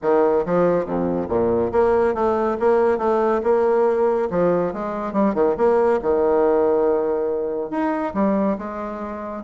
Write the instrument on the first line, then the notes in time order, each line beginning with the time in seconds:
bassoon
0.02 D#3
0.45 F3
0.85 F2
1.28 A#2
1.72 A#3
2.14 A3
2.59 A#3
2.98 A3
3.43 A#3
4.30 F3
4.73 G#3
5.13 G3
5.34 D#3
5.57 A#3
6.01 D#3
7.70 D#4
8.14 G3
8.58 G#3